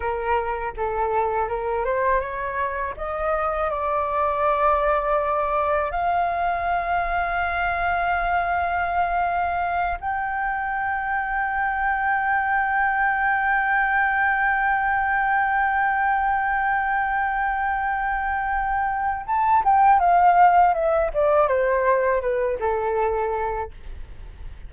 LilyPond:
\new Staff \with { instrumentName = "flute" } { \time 4/4 \tempo 4 = 81 ais'4 a'4 ais'8 c''8 cis''4 | dis''4 d''2. | f''1~ | f''4. g''2~ g''8~ |
g''1~ | g''1~ | g''2 a''8 g''8 f''4 | e''8 d''8 c''4 b'8 a'4. | }